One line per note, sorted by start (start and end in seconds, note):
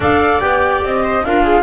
0.00 0.40 D4
0.00 0.41 A4
0.00 1.03 D5
0.00 0.40 F5
0.40 0.83 B3
0.40 1.24 G4
0.40 0.81 G5
0.83 1.24 C4
0.83 1.24 D#5
1.03 1.24 C5
1.24 1.62 D4
1.24 1.62 F4
1.24 1.43 A#4
1.24 1.62 F5
1.43 1.62 G#4